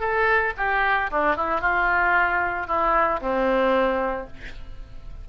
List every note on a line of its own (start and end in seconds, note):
0.00 0.53 A4
0.57 1.10 G4
1.11 1.36 D4
1.36 1.61 E4
1.61 2.67 F4
2.67 3.20 E4
3.21 4.27 C4